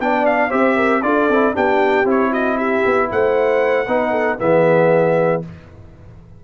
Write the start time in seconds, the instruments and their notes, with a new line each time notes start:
0.00 tuba B3, trombone D4, horn D5, trumpet G5
0.26 trumpet F5
0.49 tuba C4, trombone G4, horn C5, trumpet E5
0.76 horn A#4
1.02 tuba D4, trombone F4, horn A4, trumpet D5
1.29 tuba C4, trombone E4
1.54 tuba B3, trombone D4, horn G4, trumpet G5
2.05 tuba C4, trombone E4, trumpet C#5
2.31 horn F#4, trumpet D#5
2.57 horn G4, trumpet E5
2.86 tuba B3
3.12 tuba A3, horn C5, trumpet F#5
3.87 tuba B3, trombone D#4, horn B4
4.11 horn A4
4.39 tuba E3, trombone B3, horn G#4, trumpet E5